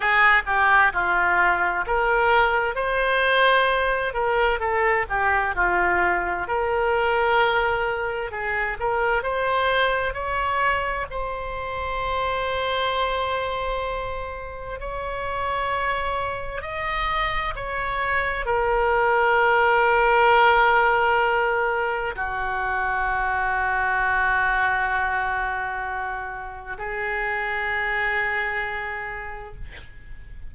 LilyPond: \new Staff \with { instrumentName = "oboe" } { \time 4/4 \tempo 4 = 65 gis'8 g'8 f'4 ais'4 c''4~ | c''8 ais'8 a'8 g'8 f'4 ais'4~ | ais'4 gis'8 ais'8 c''4 cis''4 | c''1 |
cis''2 dis''4 cis''4 | ais'1 | fis'1~ | fis'4 gis'2. | }